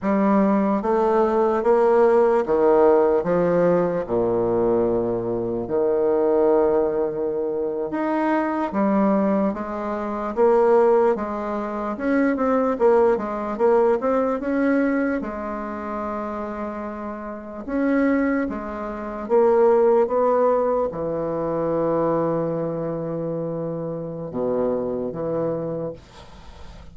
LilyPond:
\new Staff \with { instrumentName = "bassoon" } { \time 4/4 \tempo 4 = 74 g4 a4 ais4 dis4 | f4 ais,2 dis4~ | dis4.~ dis16 dis'4 g4 gis16~ | gis8. ais4 gis4 cis'8 c'8 ais16~ |
ais16 gis8 ais8 c'8 cis'4 gis4~ gis16~ | gis4.~ gis16 cis'4 gis4 ais16~ | ais8. b4 e2~ e16~ | e2 b,4 e4 | }